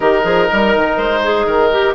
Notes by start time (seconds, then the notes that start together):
0.00 D#3 D#4 G4 A#4
0.23 F3 G#4
0.49 G3 A#4
0.76 D#3
0.97 G#3 C5
1.22 G#4
1.46 D#3 A#4
1.71 G4